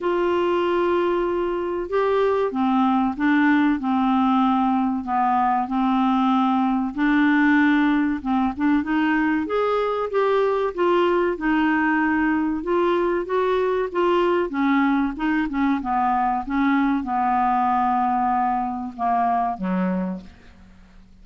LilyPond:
\new Staff \with { instrumentName = "clarinet" } { \time 4/4 \tempo 4 = 95 f'2. g'4 | c'4 d'4 c'2 | b4 c'2 d'4~ | d'4 c'8 d'8 dis'4 gis'4 |
g'4 f'4 dis'2 | f'4 fis'4 f'4 cis'4 | dis'8 cis'8 b4 cis'4 b4~ | b2 ais4 fis4 | }